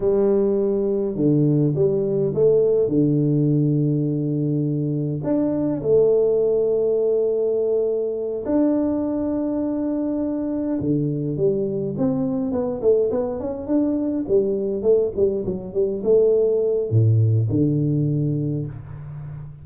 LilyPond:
\new Staff \with { instrumentName = "tuba" } { \time 4/4 \tempo 4 = 103 g2 d4 g4 | a4 d2.~ | d4 d'4 a2~ | a2~ a8 d'4.~ |
d'2~ d'8 d4 g8~ | g8 c'4 b8 a8 b8 cis'8 d'8~ | d'8 g4 a8 g8 fis8 g8 a8~ | a4 a,4 d2 | }